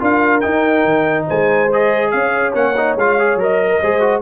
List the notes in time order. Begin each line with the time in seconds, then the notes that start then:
0.00 D4 F4 A#4 F5
0.41 D#4 G5
0.85 D#3
1.27 G#3 C5 G#5
1.73 G#4 D#5
2.11 C#4 C#5 F5
2.54 A#3 C#4 F#5
2.77 D#4
2.96 G#3 F4 F5
3.20 G#4
3.36 F#3 A#4
3.43 D#5
3.70 A#4
3.81 G#3 G#4 C5
4.01 F#4